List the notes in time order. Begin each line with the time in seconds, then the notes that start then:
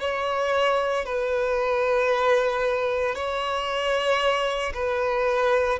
0.00 C#5
1.05 B4
3.15 C#5
4.74 B4